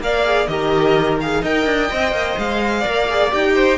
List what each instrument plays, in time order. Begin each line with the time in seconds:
0.00 cello A#3, viola A#4, violin D5 F5
0.25 viola G#4
0.48 cello D#3, viola G4, violin A#4 D#5
1.21 viola G#4, violin F5
1.42 cello D#4, viola A#4, violin D#5 G5
1.66 cello D4
1.91 cello C4, viola C5
2.12 cello A#3
2.38 cello G#3, violin F5
2.81 cello A#3, viola A#4, violin D5
3.10 viola G#4
3.31 cello D#4, viola G4, violin G5
3.55 violin C5